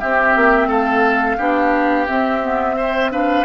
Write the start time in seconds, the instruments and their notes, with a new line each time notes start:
0.00 clarinet C4, bassoon C4, oboe G4, flute E5
0.35 bassoon A#3
0.67 bassoon A3, oboe A4, flute F5
1.37 bassoon B3, clarinet D4, oboe G4
2.07 clarinet C4, bassoon C4, flute E5
2.42 clarinet B3
2.77 clarinet C4, oboe C5
3.11 clarinet D4, oboe B4, flute F5